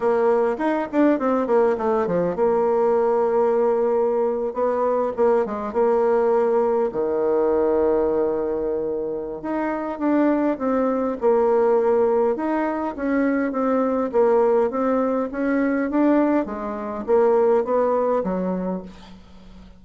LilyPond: \new Staff \with { instrumentName = "bassoon" } { \time 4/4 \tempo 4 = 102 ais4 dis'8 d'8 c'8 ais8 a8 f8 | ais2.~ ais8. b16~ | b8. ais8 gis8 ais2 dis16~ | dis1 |
dis'4 d'4 c'4 ais4~ | ais4 dis'4 cis'4 c'4 | ais4 c'4 cis'4 d'4 | gis4 ais4 b4 fis4 | }